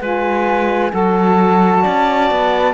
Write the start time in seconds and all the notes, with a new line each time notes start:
0.00 G#3 F4 B4 G#5
0.91 F#3 F#4 A4 A5
1.83 C#4 D5
2.31 B3